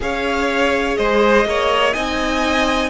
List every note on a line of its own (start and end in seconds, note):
0.00 0.97 C#4
0.00 1.93 G#4
0.00 0.98 C#5
0.00 0.96 F5
0.96 1.45 G#3
0.96 1.46 C5
0.96 1.93 D#5
1.45 1.93 A#3
1.45 1.93 C#5
1.93 2.89 C4
1.93 2.89 D#4
1.93 2.89 D#5
1.93 2.89 G#5